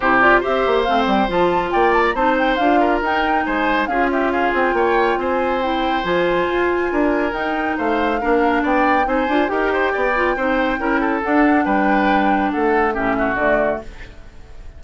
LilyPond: <<
  \new Staff \with { instrumentName = "flute" } { \time 4/4 \tempo 4 = 139 c''8 d''8 e''4 f''8 g''8 a''4 | g''8 a''16 ais''16 a''8 g''8 f''4 g''4 | gis''4 f''8 e''8 f''8 g''4. | gis''4 g''4 gis''2~ |
gis''4 g''4 f''2 | g''4 gis''4 g''2~ | g''2 fis''4 g''4~ | g''4 fis''4 e''4 d''4 | }
  \new Staff \with { instrumentName = "oboe" } { \time 4/4 g'4 c''2. | d''4 c''4. ais'4. | c''4 gis'8 g'8 gis'4 cis''4 | c''1 |
ais'2 c''4 ais'4 | d''4 c''4 ais'8 c''8 d''4 | c''4 ais'8 a'4. b'4~ | b'4 a'4 g'8 fis'4. | }
  \new Staff \with { instrumentName = "clarinet" } { \time 4/4 e'8 f'8 g'4 c'4 f'4~ | f'4 dis'4 f'4 dis'4~ | dis'4 f'2.~ | f'4 e'4 f'2~ |
f'4 dis'2 d'4~ | d'4 dis'8 f'8 g'4. f'8 | dis'4 e'4 d'2~ | d'2 cis'4 a4 | }
  \new Staff \with { instrumentName = "bassoon" } { \time 4/4 c4 c'8 ais8 a8 g8 f4 | ais4 c'4 d'4 dis'4 | gis4 cis'4. c'8 ais4 | c'2 f4 f'4 |
d'4 dis'4 a4 ais4 | b4 c'8 d'8 dis'4 b4 | c'4 cis'4 d'4 g4~ | g4 a4 a,4 d4 | }
>>